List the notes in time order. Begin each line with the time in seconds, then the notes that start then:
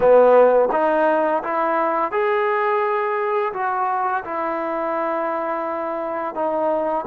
0.00 B3
0.72 D#4
1.43 E4
2.11 G#4
3.53 F#4
4.24 E4
6.34 D#4